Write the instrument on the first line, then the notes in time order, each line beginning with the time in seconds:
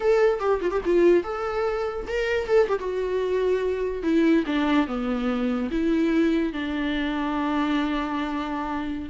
viola
0.00 A4
0.39 G4
0.61 F4
0.71 G4
0.85 F4
1.23 A4
2.07 A#4
2.47 A4
2.68 G4
2.79 F#4
4.03 E4
4.46 D4
4.87 B3
5.70 E4
6.52 D4